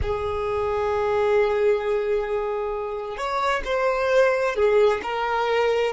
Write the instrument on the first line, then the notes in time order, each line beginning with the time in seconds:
violin
0.02 G#4
3.17 C#5
3.64 C5
4.55 G#4
5.02 A#4